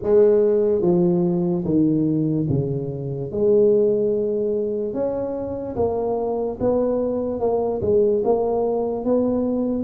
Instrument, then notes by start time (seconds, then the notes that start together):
tuba
0.02 G#3
0.81 F3
1.64 D#3
2.49 C#3
3.31 G#3
4.93 C#4
5.76 A#3
6.59 B3
7.40 A#3
7.81 G#3
8.24 A#3
9.04 B3